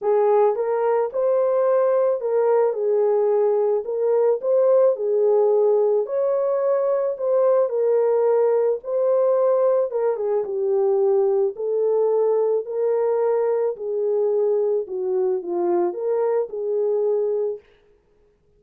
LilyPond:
\new Staff \with { instrumentName = "horn" } { \time 4/4 \tempo 4 = 109 gis'4 ais'4 c''2 | ais'4 gis'2 ais'4 | c''4 gis'2 cis''4~ | cis''4 c''4 ais'2 |
c''2 ais'8 gis'8 g'4~ | g'4 a'2 ais'4~ | ais'4 gis'2 fis'4 | f'4 ais'4 gis'2 | }